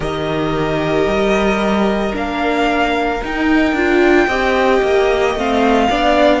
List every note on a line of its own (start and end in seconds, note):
0.00 1.06 D#3
0.00 2.12 G4
0.00 4.27 A#4
0.00 2.15 D#5
1.06 2.13 G3
2.12 3.21 A#3
2.12 3.19 D4
2.12 3.23 F5
3.22 3.73 D#4
3.22 3.76 D#4
3.22 5.38 G5
3.73 4.26 D4
3.73 4.29 F4
4.27 4.80 C4
4.27 5.37 G4
4.27 5.87 D#5
4.81 5.35 A#3
5.35 5.88 A3
5.35 5.90 C4
5.35 6.40 F5
5.90 6.40 B3
5.90 6.40 D4
5.90 6.40 D5